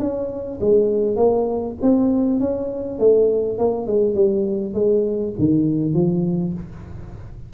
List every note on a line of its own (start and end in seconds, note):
0.00 0.59 C#4
0.61 1.17 G#3
1.17 1.76 A#3
1.82 2.40 C4
2.40 2.99 C#4
2.99 3.59 A3
3.59 3.87 A#3
3.87 4.15 G#3
4.15 4.74 G3
4.74 5.34 G#3
5.39 5.94 D#3
5.94 6.54 F3